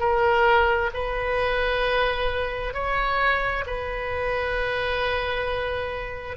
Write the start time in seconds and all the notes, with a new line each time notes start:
0.00 A#4
0.94 B4
2.74 C#5
3.67 B4